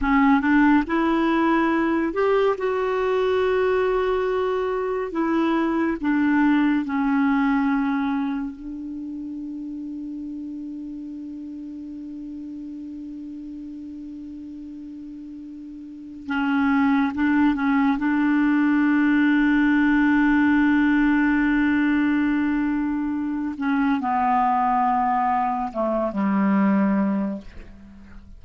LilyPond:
\new Staff \with { instrumentName = "clarinet" } { \time 4/4 \tempo 4 = 70 cis'8 d'8 e'4. g'8 fis'4~ | fis'2 e'4 d'4 | cis'2 d'2~ | d'1~ |
d'2. cis'4 | d'8 cis'8 d'2.~ | d'2.~ d'8 cis'8 | b2 a8 g4. | }